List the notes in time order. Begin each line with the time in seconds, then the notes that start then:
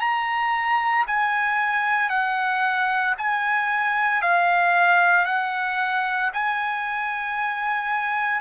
0.00 A#5
1.07 G#5
2.09 F#5
3.17 G#5
4.21 F5
5.25 F#5
6.33 G#5